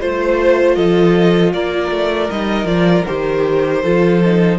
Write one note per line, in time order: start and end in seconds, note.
0.00 0.76 A3
0.00 2.30 F4
0.00 0.76 C5
0.00 0.75 C5
0.75 1.53 F3
0.75 1.53 A4
0.75 1.52 D#5
1.53 1.91 A#3
1.53 3.82 A#4
1.53 2.30 D5
1.91 2.29 A3
2.30 2.64 G3
2.30 2.66 D#4
2.30 2.66 D#5
2.64 3.02 F3
2.64 3.05 F4
2.64 3.05 D5
3.06 3.84 D#3
3.06 3.83 G4
3.06 4.59 C5
3.82 4.59 F3
3.82 4.22 F4
3.82 4.59 A4
4.25 4.59 D#4